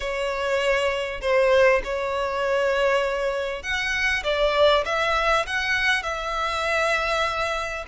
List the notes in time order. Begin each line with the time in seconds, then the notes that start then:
0.00 C#5
1.21 C5
1.83 C#5
3.62 F#5
4.23 D5
4.85 E5
5.46 F#5
6.02 E5